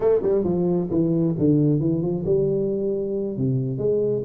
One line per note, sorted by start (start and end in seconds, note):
0.00 0.20 A3
0.22 0.44 G3
0.44 0.88 F3
0.90 1.35 E3
1.38 1.80 D3
1.80 2.02 E3
2.02 2.24 F3
2.25 3.37 G3
3.37 3.78 C3
3.78 4.22 G#3